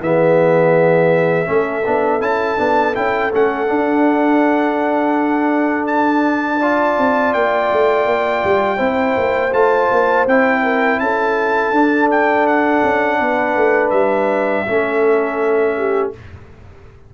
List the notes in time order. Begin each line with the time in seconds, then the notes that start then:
0.00 E3 B3 G#4 E5
1.46 A3 C#4 A4
1.85 B3 D4
2.21 C#4 E4 A5
2.57 B3 D4
2.95 C#4 E4 G5
3.32 A3 C#4 F#5
3.67 D4
5.87 A5
6.59 F4 D5
6.98 C4
7.33 A#3 G5
7.72 A3
8.05 A#3
8.44 G3
8.77 C4 E4 C5
9.17 A#3
9.53 A3 F4 A5
9.91 A#3
10.27 C4 E4 G5
10.63 A#4
11.00 C#4 A4 A5
11.72 D4
12.11 G5
12.47 F#5
12.83 C#4
13.19 B3 B4
13.56 A3
13.90 G3 E5
14.67 A3 C#4 A4
15.77 G4